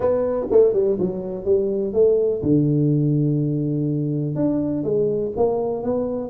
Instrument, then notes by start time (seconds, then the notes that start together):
tuba
0.00 B3
0.50 A3
0.73 G3
0.99 F#3
1.45 G3
1.93 A3
2.42 D3
4.35 D4
4.83 G#3
5.36 A#3
5.83 B3